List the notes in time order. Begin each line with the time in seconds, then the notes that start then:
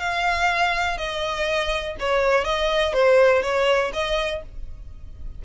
0.00 F5
0.98 D#5
2.00 C#5
2.44 D#5
2.93 C5
3.42 C#5
3.93 D#5